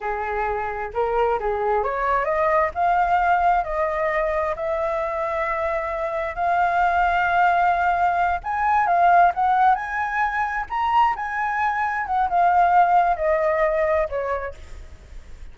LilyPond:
\new Staff \with { instrumentName = "flute" } { \time 4/4 \tempo 4 = 132 gis'2 ais'4 gis'4 | cis''4 dis''4 f''2 | dis''2 e''2~ | e''2 f''2~ |
f''2~ f''8 gis''4 f''8~ | f''8 fis''4 gis''2 ais''8~ | ais''8 gis''2 fis''8 f''4~ | f''4 dis''2 cis''4 | }